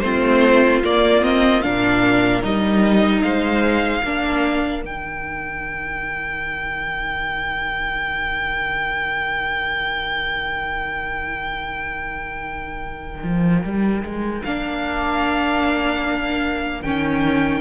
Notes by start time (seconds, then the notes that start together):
0.00 A3 C4 F4 C5
0.84 A#3 D5
1.22 C4 D#5
1.62 A#2 D4 A#4 F5
2.43 G3 D#4 D#5
3.22 G#3 C5 F5
4.02 A#3 D4 A#4
4.83 D#3 D#4 G5
13.24 F3
13.64 G3
14.03 G#3
14.44 A#3 D4 F5
16.83 D#3 C#4 G5